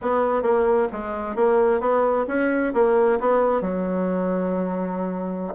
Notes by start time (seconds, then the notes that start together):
0.01 B3
0.42 A#3
0.92 G#3
1.35 A#3
1.80 B3
2.27 C#4
2.73 A#3
3.19 B3
3.61 F#3